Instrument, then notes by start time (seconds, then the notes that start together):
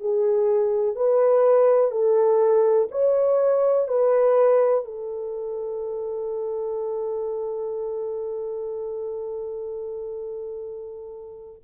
horn
0.00 G#4
0.95 B4
1.91 A4
2.91 C#5
3.88 B4
4.84 A4